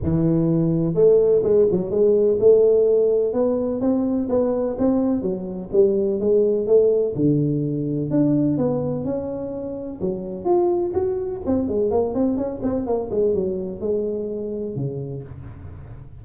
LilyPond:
\new Staff \with { instrumentName = "tuba" } { \time 4/4 \tempo 4 = 126 e2 a4 gis8 fis8 | gis4 a2 b4 | c'4 b4 c'4 fis4 | g4 gis4 a4 d4~ |
d4 d'4 b4 cis'4~ | cis'4 fis4 f'4 fis'4 | c'8 gis8 ais8 c'8 cis'8 c'8 ais8 gis8 | fis4 gis2 cis4 | }